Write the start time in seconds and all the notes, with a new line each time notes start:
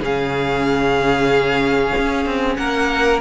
0.00 C#3 C#4 G#4 F5
1.97 C#4
2.25 C4
2.56 A#3 A#4 F#5